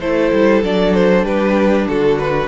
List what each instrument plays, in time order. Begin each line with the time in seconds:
0.00 cello A3, viola E4, violin A4 C5
0.32 cello G3
0.63 cello F#3, viola D4, violin D5
0.93 violin C5
1.23 cello G3, violin G4 B4
1.88 cello D3, violin F#4 A4
2.18 violin B4